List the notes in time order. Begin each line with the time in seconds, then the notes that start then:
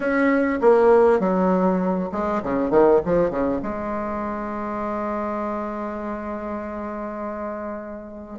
0.00 C#4
0.61 A#3
1.19 F#3
2.12 G#3
2.42 C#3
2.70 D#3
3.05 F3
3.30 C#3
3.62 G#3